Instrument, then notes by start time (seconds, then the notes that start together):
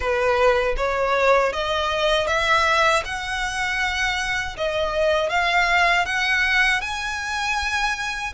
violin
0.00 B4
0.76 C#5
1.52 D#5
2.27 E5
3.04 F#5
4.57 D#5
5.29 F5
6.06 F#5
6.81 G#5